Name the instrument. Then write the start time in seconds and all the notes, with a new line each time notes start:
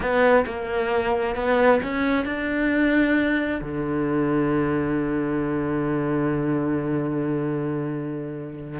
cello
0.00 B3
0.46 A#3
1.35 B3
1.82 C#4
2.25 D4
3.61 D3